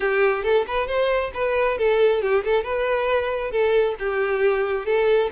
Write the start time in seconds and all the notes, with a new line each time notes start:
0.00 G4
0.43 A4
0.67 B4
0.87 C5
1.34 B4
1.78 A4
2.22 G4
2.44 A4
2.63 B4
3.51 A4
3.99 G4
4.85 A4